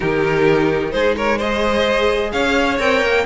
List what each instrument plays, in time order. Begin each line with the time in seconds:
0.00 cello D#3, viola D#4, violin G4 A#4
0.91 cello G#3, violin G#4 C5
1.16 violin A#4 C#5
1.37 viola G#4, violin C5 D#5
2.31 cello C#4, violin C#5 F5
2.79 cello C4, viola A#4, violin G5
3.01 cello A#3